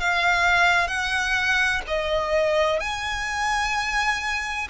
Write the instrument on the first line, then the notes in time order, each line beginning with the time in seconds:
violin
0.00 F5
0.88 F#5
1.87 D#5
2.80 G#5